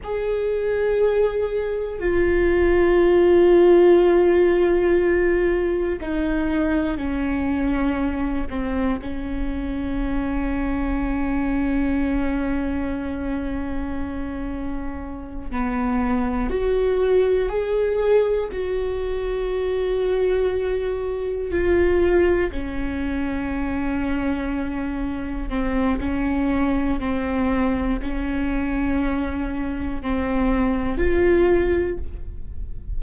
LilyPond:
\new Staff \with { instrumentName = "viola" } { \time 4/4 \tempo 4 = 60 gis'2 f'2~ | f'2 dis'4 cis'4~ | cis'8 c'8 cis'2.~ | cis'2.~ cis'8 b8~ |
b8 fis'4 gis'4 fis'4.~ | fis'4. f'4 cis'4.~ | cis'4. c'8 cis'4 c'4 | cis'2 c'4 f'4 | }